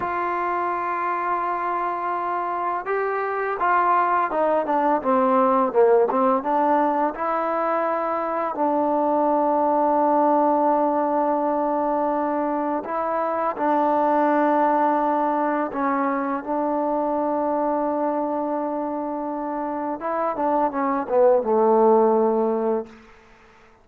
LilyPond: \new Staff \with { instrumentName = "trombone" } { \time 4/4 \tempo 4 = 84 f'1 | g'4 f'4 dis'8 d'8 c'4 | ais8 c'8 d'4 e'2 | d'1~ |
d'2 e'4 d'4~ | d'2 cis'4 d'4~ | d'1 | e'8 d'8 cis'8 b8 a2 | }